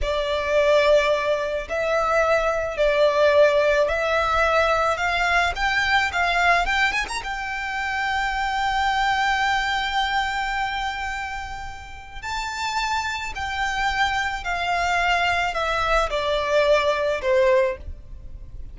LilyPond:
\new Staff \with { instrumentName = "violin" } { \time 4/4 \tempo 4 = 108 d''2. e''4~ | e''4 d''2 e''4~ | e''4 f''4 g''4 f''4 | g''8 gis''16 ais''16 g''2.~ |
g''1~ | g''2 a''2 | g''2 f''2 | e''4 d''2 c''4 | }